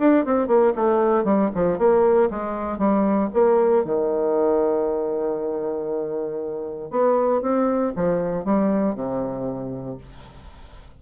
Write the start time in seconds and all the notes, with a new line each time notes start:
0.00 D4
0.26 C4
0.48 A#3
0.76 A3
1.25 G3
1.55 F3
1.79 A#3
2.31 G#3
2.79 G3
3.34 A#3
3.85 D#3
6.91 B3
7.42 C4
7.96 F3
8.45 G3
8.95 C3